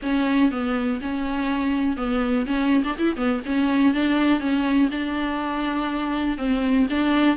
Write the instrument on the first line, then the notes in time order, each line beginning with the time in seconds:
viola
0.02 C#4
0.51 B3
1.01 C#4
1.96 B3
2.46 C#4
2.84 D4
2.98 E4
3.16 B3
3.45 C#4
3.94 D4
4.40 C#4
4.91 D4
6.37 C4
6.90 D4